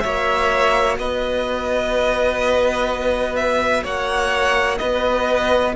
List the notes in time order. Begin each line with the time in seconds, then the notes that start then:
0.00 A#3 F#4 C#5 E5
0.98 B3 B4 D#5
3.36 E5
3.83 A#3 C#5 F#5
4.78 B3 B4 D#5